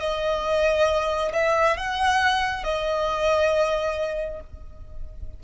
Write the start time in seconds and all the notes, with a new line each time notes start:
0.00 D#5
1.33 E5
1.77 F#5
2.64 D#5